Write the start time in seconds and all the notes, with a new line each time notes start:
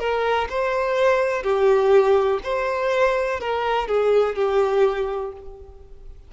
0.00 A#4
0.50 C5
1.43 G4
2.44 C5
3.41 A#4
3.88 G#4
4.36 G4